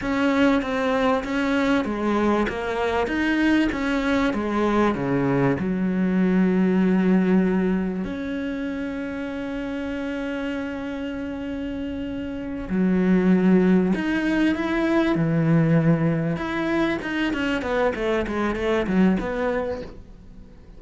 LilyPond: \new Staff \with { instrumentName = "cello" } { \time 4/4 \tempo 4 = 97 cis'4 c'4 cis'4 gis4 | ais4 dis'4 cis'4 gis4 | cis4 fis2.~ | fis4 cis'2.~ |
cis'1~ | cis'8 fis2 dis'4 e'8~ | e'8 e2 e'4 dis'8 | cis'8 b8 a8 gis8 a8 fis8 b4 | }